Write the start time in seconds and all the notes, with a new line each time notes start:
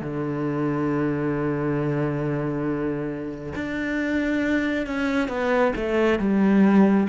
0.00 D3
3.55 D4
4.86 C#4
5.28 B3
5.76 A3
6.19 G3